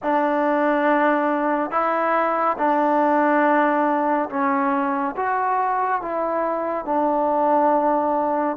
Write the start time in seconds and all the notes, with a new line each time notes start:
0.02 D4
1.71 E4
2.58 D4
4.29 C#4
5.16 F#4
6.01 E4
6.85 D4